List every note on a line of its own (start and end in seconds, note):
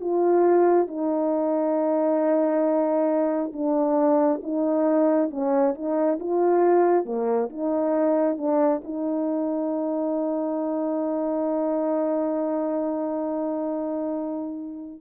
0.00 0.87 F4
0.87 3.52 D#4
3.53 4.41 D4
4.42 5.30 D#4
5.30 5.74 C#4
5.74 6.18 D#4
6.20 7.05 F4
7.05 7.49 A#3
7.49 8.37 D#4
8.37 8.82 D4
8.84 15.00 D#4